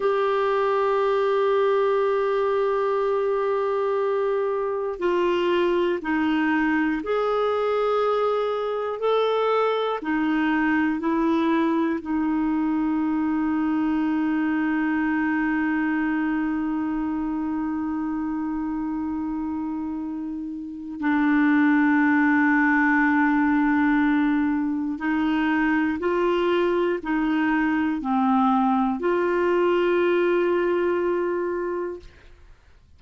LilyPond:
\new Staff \with { instrumentName = "clarinet" } { \time 4/4 \tempo 4 = 60 g'1~ | g'4 f'4 dis'4 gis'4~ | gis'4 a'4 dis'4 e'4 | dis'1~ |
dis'1~ | dis'4 d'2.~ | d'4 dis'4 f'4 dis'4 | c'4 f'2. | }